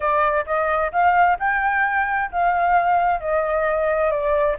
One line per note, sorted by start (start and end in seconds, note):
0.00 0.45 D5
0.45 0.91 D#5
0.91 1.37 F5
1.39 2.30 G5
2.31 3.20 F5
3.20 4.10 D#5
4.10 4.56 D5